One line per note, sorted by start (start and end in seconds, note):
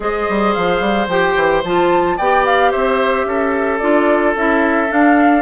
0.00 0.26 G#3
0.00 1.09 G#4
0.00 2.17 C5
0.00 0.53 D#5
0.29 0.56 G3
0.53 0.80 F3
0.53 1.07 F5
0.80 1.07 G3
1.07 1.34 F3
1.07 1.65 G4
1.07 1.63 G5
1.36 1.63 E3
1.63 2.18 F3
1.63 2.19 F4
1.63 2.18 A5
2.17 2.73 B3
2.17 3.80 G4
2.17 2.71 D5
2.17 2.45 G5
2.45 2.71 F5
2.71 3.25 C4
2.71 3.25 C5
2.71 3.78 E5
3.25 3.79 C#4
3.25 5.42 A4
3.78 4.35 D4
3.78 4.35 F4
3.78 4.33 D5
4.35 4.90 C#4
4.35 4.88 E4
4.35 4.91 E5
4.88 5.42 D4
4.88 5.42 F5